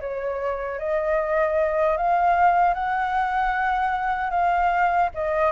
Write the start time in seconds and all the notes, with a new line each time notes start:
0.00 C#5
0.79 D#5
1.97 F5
2.74 F#5
4.30 F5
5.14 D#5